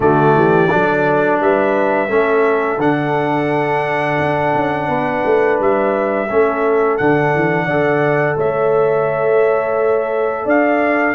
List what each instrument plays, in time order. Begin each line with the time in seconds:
0.00 tuba D3, trombone A3, horn F#4, trumpet D5
0.35 tuba E3, horn G4
0.70 tuba F#3, trombone D4, horn A4
1.40 tuba G3, horn B4, trumpet E5
2.08 tuba A3, trombone C#4, horn A4
2.77 tuba D3, trombone D4, trumpet F#5
4.19 tuba D4
4.55 tuba C#4
4.88 tuba B3, horn B4
5.25 tuba A3
5.60 tuba G3, trumpet E5
6.29 tuba A3, trombone C#4, horn A4
6.97 tuba D3, trombone D4, trumpet F#5
7.35 tuba E3
7.65 tuba D3, trombone A4, horn D5
8.36 tuba A3, horn C#5, trumpet E5
10.44 tuba D4, horn D5, trumpet F5